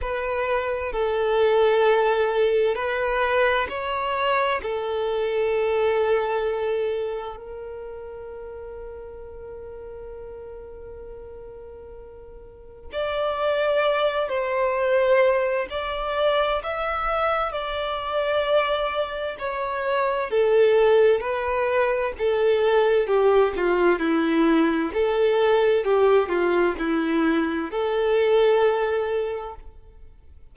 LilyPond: \new Staff \with { instrumentName = "violin" } { \time 4/4 \tempo 4 = 65 b'4 a'2 b'4 | cis''4 a'2. | ais'1~ | ais'2 d''4. c''8~ |
c''4 d''4 e''4 d''4~ | d''4 cis''4 a'4 b'4 | a'4 g'8 f'8 e'4 a'4 | g'8 f'8 e'4 a'2 | }